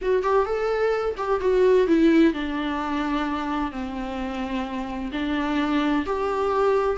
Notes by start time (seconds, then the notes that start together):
0.01 F#4
0.22 G4
0.45 A4
1.17 G4
1.40 F#4
1.87 E4
2.33 D4
3.71 C4
5.12 D4
6.05 G4